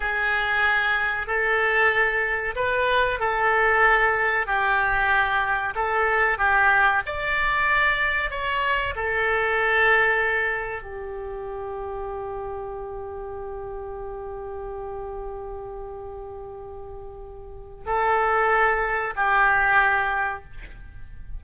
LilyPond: \new Staff \with { instrumentName = "oboe" } { \time 4/4 \tempo 4 = 94 gis'2 a'2 | b'4 a'2 g'4~ | g'4 a'4 g'4 d''4~ | d''4 cis''4 a'2~ |
a'4 g'2.~ | g'1~ | g'1 | a'2 g'2 | }